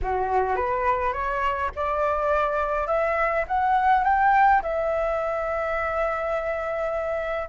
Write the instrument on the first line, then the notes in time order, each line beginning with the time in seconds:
flute
0.02 F#4
0.56 B4
1.12 C#5
1.75 D5
2.87 E5
3.47 F#5
4.04 G5
4.62 E5